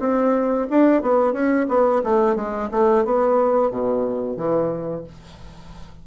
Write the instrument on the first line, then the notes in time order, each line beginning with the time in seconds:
bassoon
0.00 C4
0.70 D4
1.02 B3
1.33 C#4
1.69 B3
2.04 A3
2.36 G#3
2.72 A3
3.05 B3
3.71 B2
4.37 E3